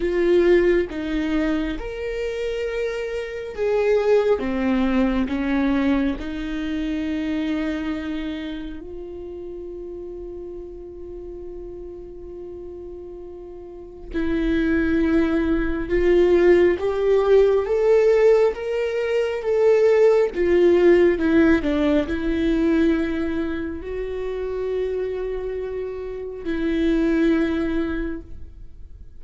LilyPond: \new Staff \with { instrumentName = "viola" } { \time 4/4 \tempo 4 = 68 f'4 dis'4 ais'2 | gis'4 c'4 cis'4 dis'4~ | dis'2 f'2~ | f'1 |
e'2 f'4 g'4 | a'4 ais'4 a'4 f'4 | e'8 d'8 e'2 fis'4~ | fis'2 e'2 | }